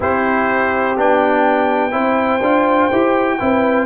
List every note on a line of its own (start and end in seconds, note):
0.00 0.97 C4
0.00 0.96 E4
0.00 1.91 G4
0.00 0.99 C5
0.97 1.93 B3
0.97 1.91 D4
0.97 3.86 G5
1.91 2.41 C4
1.91 2.39 E4
1.91 3.37 C5
2.41 2.89 D4
2.41 2.91 F4
2.92 3.40 E4
2.92 3.39 G4
3.39 3.86 C4
3.39 3.86 E4
3.39 3.86 B4